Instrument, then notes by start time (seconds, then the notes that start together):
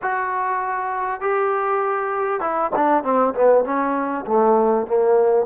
trombone
0.02 F#4
1.20 G4
2.40 E4
2.75 D4
3.03 C4
3.34 B3
3.64 C#4
4.26 A3
4.87 A#3